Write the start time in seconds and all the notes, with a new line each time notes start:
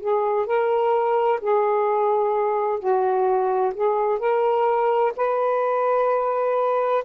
0.00 G#4
0.46 A#4
1.41 G#4
2.79 F#4
3.75 G#4
4.19 A#4
5.16 B4